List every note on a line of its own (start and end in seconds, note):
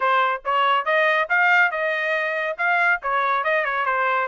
0.00 0.42 C5
0.44 0.85 C#5
0.85 1.28 D#5
1.29 1.71 F5
1.71 2.56 D#5
2.57 3.00 F5
3.02 3.44 C#5
3.44 3.64 D#5
3.64 3.85 C#5
3.85 4.27 C5